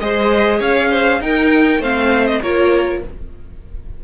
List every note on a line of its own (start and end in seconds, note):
0.00 0.61 G#3
0.00 1.21 G#4
0.00 0.59 C5
0.00 0.61 D#5
0.59 1.21 C#4
0.59 0.89 C#5
0.59 1.22 F5
0.91 1.21 C5
1.21 1.79 D#4
1.21 1.82 D#4
1.21 1.81 A#4
1.21 1.83 G5
1.79 2.40 A3
1.79 2.43 C4
1.79 2.41 C5
1.79 2.27 F5
2.27 2.42 D#5
2.42 3.04 A#3
2.42 3.04 F4
2.42 3.03 A#4
2.42 3.03 C#5